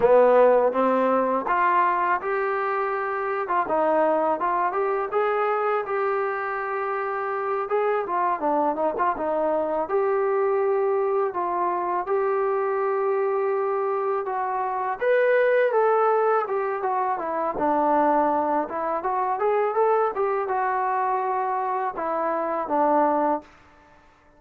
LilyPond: \new Staff \with { instrumentName = "trombone" } { \time 4/4 \tempo 4 = 82 b4 c'4 f'4 g'4~ | g'8. f'16 dis'4 f'8 g'8 gis'4 | g'2~ g'8 gis'8 f'8 d'8 | dis'16 f'16 dis'4 g'2 f'8~ |
f'8 g'2. fis'8~ | fis'8 b'4 a'4 g'8 fis'8 e'8 | d'4. e'8 fis'8 gis'8 a'8 g'8 | fis'2 e'4 d'4 | }